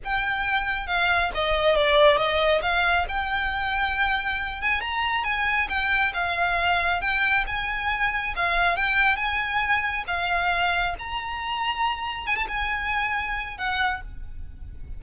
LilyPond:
\new Staff \with { instrumentName = "violin" } { \time 4/4 \tempo 4 = 137 g''2 f''4 dis''4 | d''4 dis''4 f''4 g''4~ | g''2~ g''8 gis''8 ais''4 | gis''4 g''4 f''2 |
g''4 gis''2 f''4 | g''4 gis''2 f''4~ | f''4 ais''2. | gis''16 a''16 gis''2~ gis''8 fis''4 | }